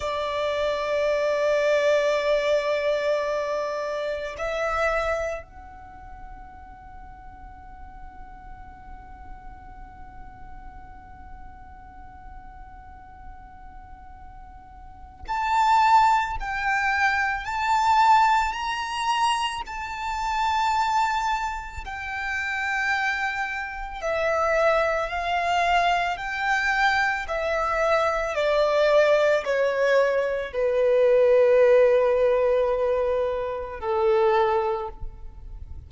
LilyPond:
\new Staff \with { instrumentName = "violin" } { \time 4/4 \tempo 4 = 55 d''1 | e''4 fis''2.~ | fis''1~ | fis''2 a''4 g''4 |
a''4 ais''4 a''2 | g''2 e''4 f''4 | g''4 e''4 d''4 cis''4 | b'2. a'4 | }